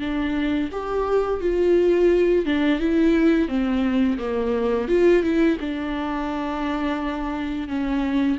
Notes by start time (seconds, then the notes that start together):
0.00 D4
0.72 G4
1.41 F4
2.46 D4
2.80 E4
3.49 C4
4.19 A#3
4.89 F4
5.24 E4
5.61 D4
7.69 C#4